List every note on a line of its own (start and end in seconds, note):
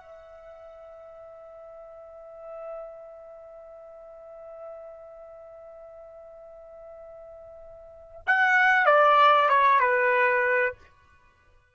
0.00 8.21 E5
8.26 8.86 F#5
8.86 9.49 D5
9.49 9.80 C#5
9.80 10.74 B4